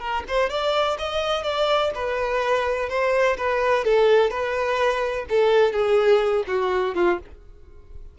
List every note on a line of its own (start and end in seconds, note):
0.00 0.24 A#4
0.28 0.50 C5
0.50 0.98 D5
0.99 1.44 D#5
1.44 1.91 D5
1.95 2.90 B4
2.90 3.37 C5
3.38 3.85 B4
3.85 4.31 A4
4.31 5.26 B4
5.30 5.73 A4
5.73 6.44 G#4
6.48 6.95 F#4
6.95 7.19 F4